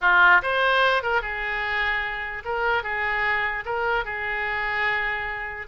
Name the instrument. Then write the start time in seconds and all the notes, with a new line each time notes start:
oboe
0.01 F4
0.42 C5
1.02 A#4
1.21 G#4
2.44 A#4
2.83 G#4
3.65 A#4
4.04 G#4